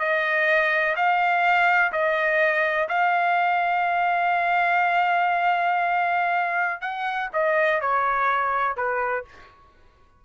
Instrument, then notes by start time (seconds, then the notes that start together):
trumpet
0.00 D#5
0.96 F5
1.93 D#5
2.89 F5
6.81 F#5
7.34 D#5
7.81 C#5
8.77 B4